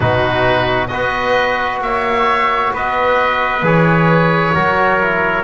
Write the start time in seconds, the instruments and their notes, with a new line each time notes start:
0.00 double bass B2, trombone D#4, trumpet F#4, oboe B4
0.87 double bass B3, trombone F#4, trumpet B4, oboe D#5
1.81 double bass A#3, trumpet C#5, oboe E5
2.73 double bass B3, trumpet B4, oboe D#5
3.62 double bass E3, trombone G#4, oboe C#5
4.54 double bass F#3, trombone F#4, trumpet A#4
5.00 trombone E4